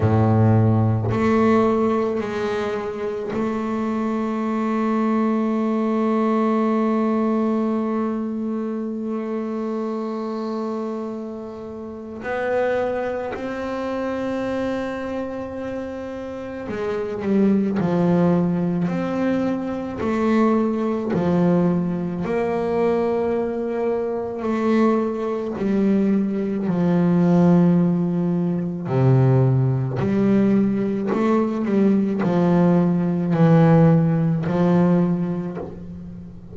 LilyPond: \new Staff \with { instrumentName = "double bass" } { \time 4/4 \tempo 4 = 54 a,4 a4 gis4 a4~ | a1~ | a2. b4 | c'2. gis8 g8 |
f4 c'4 a4 f4 | ais2 a4 g4 | f2 c4 g4 | a8 g8 f4 e4 f4 | }